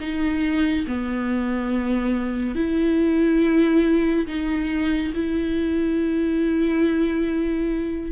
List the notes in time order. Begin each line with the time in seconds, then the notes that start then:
0.00 D#4
0.87 B3
2.55 E4
4.27 D#4
5.14 E4